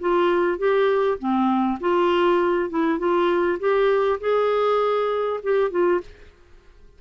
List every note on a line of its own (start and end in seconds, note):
0.00 0.58 F4
0.58 1.18 G4
1.19 1.79 C4
1.81 2.70 F4
2.70 2.98 E4
2.98 3.58 F4
3.59 4.19 G4
4.20 5.40 G#4
5.43 5.71 G4
5.71 6.01 F4